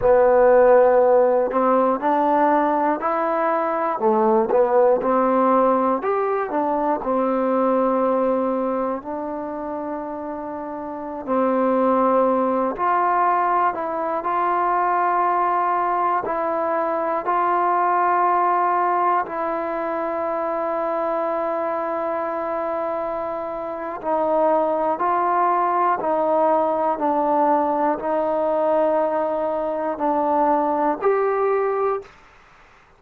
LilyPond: \new Staff \with { instrumentName = "trombone" } { \time 4/4 \tempo 4 = 60 b4. c'8 d'4 e'4 | a8 b8 c'4 g'8 d'8 c'4~ | c'4 d'2~ d'16 c'8.~ | c'8. f'4 e'8 f'4.~ f'16~ |
f'16 e'4 f'2 e'8.~ | e'1 | dis'4 f'4 dis'4 d'4 | dis'2 d'4 g'4 | }